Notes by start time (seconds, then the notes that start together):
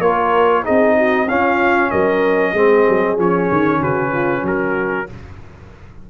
0.00 A#3 F4 A#4 C#5
0.64 C4 D#4 G#4 D#5
0.96 F#4
1.28 C#4 F4 F5
1.90 F#3 A#4 D#5
2.53 G#3 C4 G#4
2.88 F#3
3.17 F3 C#4 C#5
3.51 D#3
3.80 C#3 F#4 B4
4.12 F4
4.42 F#3 F#4 A#4